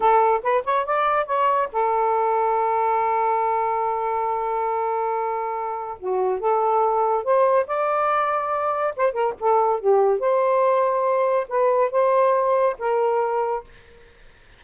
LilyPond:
\new Staff \with { instrumentName = "saxophone" } { \time 4/4 \tempo 4 = 141 a'4 b'8 cis''8 d''4 cis''4 | a'1~ | a'1~ | a'2 fis'4 a'4~ |
a'4 c''4 d''2~ | d''4 c''8 ais'8 a'4 g'4 | c''2. b'4 | c''2 ais'2 | }